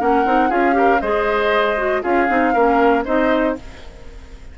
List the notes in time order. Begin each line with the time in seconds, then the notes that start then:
0.00 A#3 C#4 A#4 F#5
0.26 C4 D#4
0.50 C#4 F4 G#4 F5
0.73 G4 A#4
1.01 G#3 G#4 C5 D#5
1.78 F#4
2.03 C#4 F4 G#4 F5
2.29 C4 D#4
2.54 A#3 C#4 A#4
3.05 C4 D#4 C5 D#5